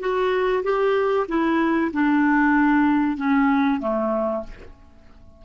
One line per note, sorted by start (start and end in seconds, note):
0.00 0.63 F#4
0.64 1.27 G4
1.29 1.92 E4
1.93 3.17 D4
3.17 3.80 C#4
3.80 4.44 A3